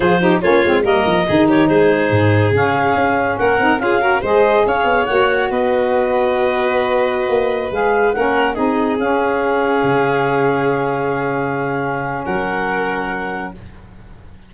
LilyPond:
<<
  \new Staff \with { instrumentName = "clarinet" } { \time 4/4 \tempo 4 = 142 c''4 cis''4 dis''4. cis''8 | c''2 f''2 | fis''4 f''4 dis''4 f''4 | fis''4 dis''2.~ |
dis''2~ dis''16 f''4 fis''8.~ | fis''16 dis''4 f''2~ f''8.~ | f''1~ | f''4 fis''2. | }
  \new Staff \with { instrumentName = "violin" } { \time 4/4 gis'8 g'8 f'4 ais'4 gis'8 g'8 | gis'1 | ais'4 gis'8 ais'8 c''4 cis''4~ | cis''4 b'2.~ |
b'2.~ b'16 ais'8.~ | ais'16 gis'2.~ gis'8.~ | gis'1~ | gis'4 ais'2. | }
  \new Staff \with { instrumentName = "saxophone" } { \time 4/4 f'8 dis'8 cis'8 c'8 ais4 dis'4~ | dis'2 cis'2~ | cis'8 dis'8 f'8 fis'8 gis'2 | fis'1~ |
fis'2~ fis'16 gis'4 cis'8.~ | cis'16 dis'4 cis'2~ cis'8.~ | cis'1~ | cis'1 | }
  \new Staff \with { instrumentName = "tuba" } { \time 4/4 f4 ais8 gis8 g8 f8 dis4 | gis4 gis,4 cis4 cis'4 | ais8 c'8 cis'4 gis4 cis'8 b8 | ais4 b2.~ |
b4~ b16 ais4 gis4 ais8.~ | ais16 c'4 cis'2 cis8.~ | cis1~ | cis4 fis2. | }
>>